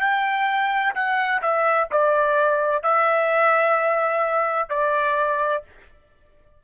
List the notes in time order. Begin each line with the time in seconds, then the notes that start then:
0.00 G5
0.95 F#5
1.42 E5
1.91 D5
2.83 E5
4.70 D5